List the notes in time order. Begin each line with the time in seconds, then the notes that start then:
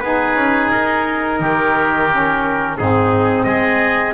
0.00 B3 D#4 G#4 B4
0.35 C#4
0.72 D#4 A#4
1.40 D#3 G4
2.10 C#4
2.77 G#2 C4 D#4 G#4
3.44 G#3 G#4 D#5